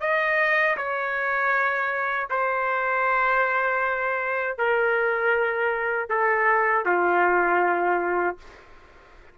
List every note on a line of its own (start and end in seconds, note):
0.00 0.76 D#5
0.77 2.29 C#5
2.30 4.57 C5
4.58 6.09 A#4
6.09 6.85 A4
6.85 8.37 F4